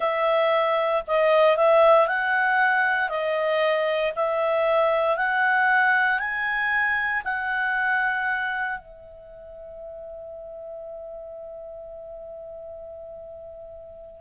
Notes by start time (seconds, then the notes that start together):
0.00 E5
1.07 D#5
1.57 E5
2.07 F#5
3.08 D#5
4.15 E5
5.17 F#5
6.19 G#5
7.24 F#5
8.79 E5